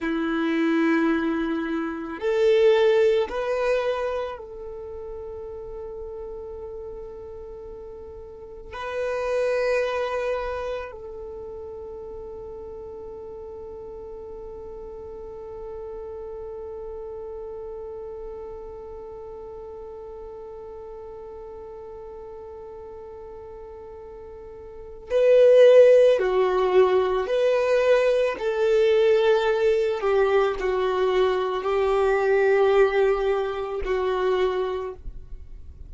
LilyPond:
\new Staff \with { instrumentName = "violin" } { \time 4/4 \tempo 4 = 55 e'2 a'4 b'4 | a'1 | b'2 a'2~ | a'1~ |
a'1~ | a'2. b'4 | fis'4 b'4 a'4. g'8 | fis'4 g'2 fis'4 | }